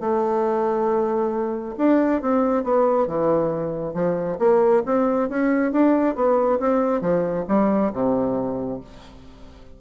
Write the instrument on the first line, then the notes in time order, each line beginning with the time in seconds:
bassoon
0.00 A3
1.78 D4
2.21 C4
2.63 B3
3.07 E3
3.94 F3
4.39 A#3
4.86 C4
5.29 C#4
5.72 D4
6.15 B3
6.60 C4
7.01 F3
7.48 G3
7.92 C3